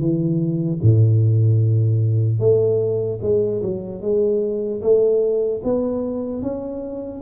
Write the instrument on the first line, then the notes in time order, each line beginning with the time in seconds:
tuba
0.00 E3
0.83 A2
2.39 A3
3.22 G#3
3.62 F#3
4.01 G#3
4.82 A3
5.64 B3
6.43 C#4